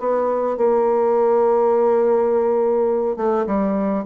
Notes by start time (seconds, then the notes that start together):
0.00 B3
0.57 A#3
3.17 A3
3.47 G3